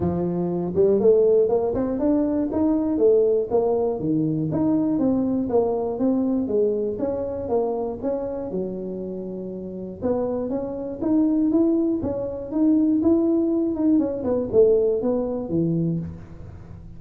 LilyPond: \new Staff \with { instrumentName = "tuba" } { \time 4/4 \tempo 4 = 120 f4. g8 a4 ais8 c'8 | d'4 dis'4 a4 ais4 | dis4 dis'4 c'4 ais4 | c'4 gis4 cis'4 ais4 |
cis'4 fis2. | b4 cis'4 dis'4 e'4 | cis'4 dis'4 e'4. dis'8 | cis'8 b8 a4 b4 e4 | }